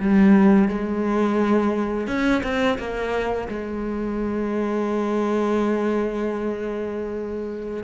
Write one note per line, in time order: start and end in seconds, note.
0.00 0.69 G3
0.69 2.07 G#3
2.07 2.42 C#4
2.43 2.78 C4
2.78 3.48 A#3
3.49 7.84 G#3